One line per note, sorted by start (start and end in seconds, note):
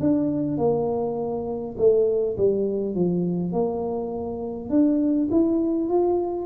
0.00 0.58 D4
0.58 1.75 A#3
1.78 2.37 A3
2.37 2.95 G3
2.95 3.52 F3
3.52 4.70 A#3
4.70 5.28 D4
5.31 5.89 E4
5.89 6.46 F4